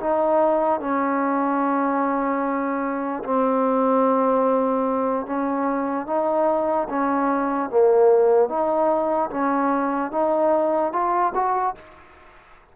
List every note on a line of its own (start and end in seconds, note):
0.00 0.80 D#4
0.80 3.24 C#4
3.24 5.26 C4
5.26 6.07 C#4
6.07 6.88 D#4
6.89 7.70 C#4
7.70 8.49 A#3
8.49 9.30 D#4
9.31 10.12 C#4
10.12 10.93 D#4
10.93 11.33 F4
11.35 11.75 F#4